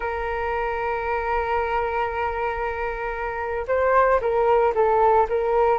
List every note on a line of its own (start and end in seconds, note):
0.00 3.66 A#4
3.67 4.20 C5
4.21 4.73 A#4
4.74 5.27 A4
5.29 5.78 A#4